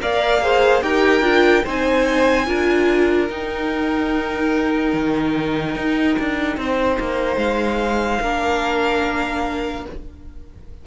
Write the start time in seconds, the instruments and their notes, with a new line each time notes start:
0.00 cello A#3, viola A#4, violin D5 F5
0.42 viola G#4, violin C5
0.82 cello D#4, viola G4, violin A#4 G5
1.21 cello D4, viola F4
1.64 cello C4, viola D#4, violin C5 G#5
2.46 cello D4, viola F4, violin A#4
3.29 viola D#4, cello D#4, violin G5
4.93 cello D#3
5.76 cello D#4
6.19 cello D4
6.57 cello C4, violin C5
7.00 cello A#3
7.37 cello G#3, violin F5
8.21 cello A#3, viola D4, violin A#4